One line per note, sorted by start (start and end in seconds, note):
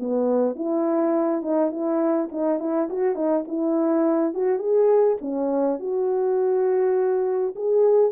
0.00 0.56 B3
0.56 1.42 E4
1.42 1.71 D#4
1.71 2.30 E4
2.32 2.60 D#4
2.60 2.89 E4
2.90 3.15 F#4
3.15 3.44 D#4
3.48 4.34 E4
4.34 4.59 F#4
4.59 5.17 G#4
5.21 5.80 C#4
5.80 7.54 F#4
7.56 8.12 G#4